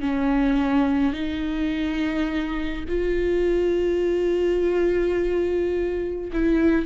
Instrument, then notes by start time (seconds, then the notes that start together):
viola
0.00 C#4
1.13 D#4
2.88 F4
6.32 E4